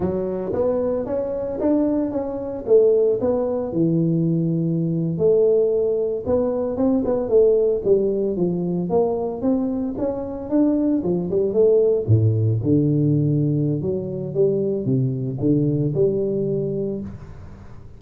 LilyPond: \new Staff \with { instrumentName = "tuba" } { \time 4/4 \tempo 4 = 113 fis4 b4 cis'4 d'4 | cis'4 a4 b4 e4~ | e4.~ e16 a2 b16~ | b8. c'8 b8 a4 g4 f16~ |
f8. ais4 c'4 cis'4 d'16~ | d'8. f8 g8 a4 a,4 d16~ | d2 fis4 g4 | c4 d4 g2 | }